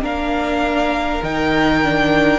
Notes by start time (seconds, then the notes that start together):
0.00 A#3 D4 A#4 F5
1.23 D#3 D#4 G5
1.84 D4